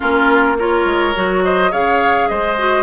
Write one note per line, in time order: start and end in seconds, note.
0.00 0.85 A#3
0.00 0.57 C#4
0.00 0.57 F4
0.00 0.57 A#4
0.58 1.14 F4
0.58 1.44 A#4
0.58 1.44 C#5
0.85 1.13 G#3
1.14 1.72 F#3
1.14 1.71 F#4
1.44 1.71 C5
1.44 1.72 D#5
1.71 2.29 C#3
1.71 2.56 G#4
1.71 2.28 C#5
1.71 2.28 F5
2.28 2.83 G#3
2.28 2.83 C5
2.28 2.83 D#5
2.57 2.83 F#4